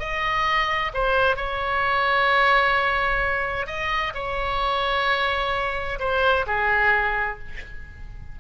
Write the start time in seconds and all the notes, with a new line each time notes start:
0.00 D#5
0.94 C5
1.37 C#5
3.67 D#5
4.15 C#5
6.00 C5
6.47 G#4